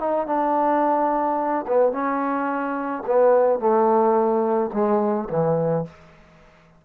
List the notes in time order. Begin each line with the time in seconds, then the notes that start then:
0.00 D#4
0.27 D4
1.68 B3
1.92 C#4
3.07 B3
3.60 A3
4.73 G#3
5.30 E3